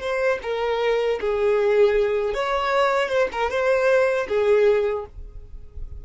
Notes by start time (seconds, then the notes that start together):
0.00 C5
0.42 A#4
1.20 G#4
2.34 C#5
3.09 C5
3.32 A#4
3.50 C5
4.28 G#4